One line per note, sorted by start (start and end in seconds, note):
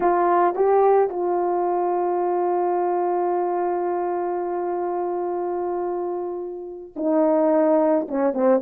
0.00 0.55 F4
0.55 1.09 G4
1.09 6.92 F4
6.96 8.07 D#4
8.08 8.33 C#4
8.33 8.61 C4